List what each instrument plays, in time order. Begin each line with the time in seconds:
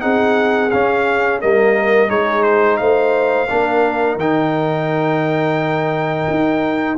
0.00 tuba C4, trombone D#4, horn G#4, trumpet F#5
0.70 trombone C#4, tuba C#4, trumpet F5
1.41 tuba G3, trombone A#3, horn A#4, trumpet D#5
2.08 tuba G#3, trombone D#4, horn G#4, trumpet C#5
2.43 trumpet C5
2.77 tuba A3, horn C5, trumpet F5
3.49 tuba A#3, trombone D4, horn A#4
4.16 tuba D#3, trombone D#4, trumpet G5
6.30 tuba D#4